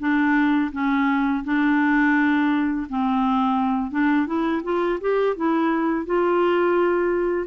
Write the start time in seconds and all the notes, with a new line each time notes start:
0.00 D4
0.72 C#4
1.44 D4
2.90 C4
3.91 D4
4.27 E4
4.64 F4
5.01 G4
5.36 E4
6.06 F4